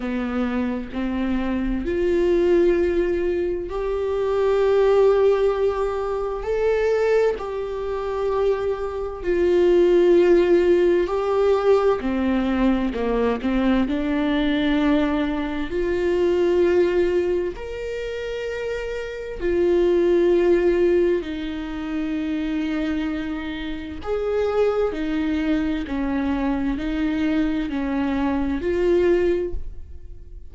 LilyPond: \new Staff \with { instrumentName = "viola" } { \time 4/4 \tempo 4 = 65 b4 c'4 f'2 | g'2. a'4 | g'2 f'2 | g'4 c'4 ais8 c'8 d'4~ |
d'4 f'2 ais'4~ | ais'4 f'2 dis'4~ | dis'2 gis'4 dis'4 | cis'4 dis'4 cis'4 f'4 | }